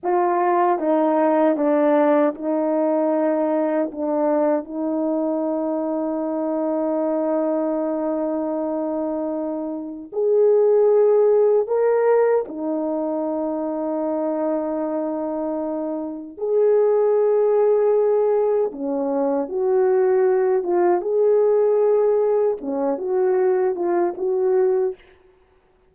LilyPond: \new Staff \with { instrumentName = "horn" } { \time 4/4 \tempo 4 = 77 f'4 dis'4 d'4 dis'4~ | dis'4 d'4 dis'2~ | dis'1~ | dis'4 gis'2 ais'4 |
dis'1~ | dis'4 gis'2. | cis'4 fis'4. f'8 gis'4~ | gis'4 cis'8 fis'4 f'8 fis'4 | }